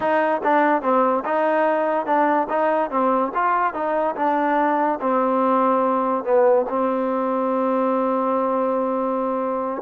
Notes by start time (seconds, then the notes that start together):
0.00 D#4
0.43 D4
0.81 C4
1.25 D#4
2.06 D4
2.49 D#4
2.90 C4
3.34 F4
3.73 D#4
4.15 D4
5.00 C4
6.23 B3
6.69 C4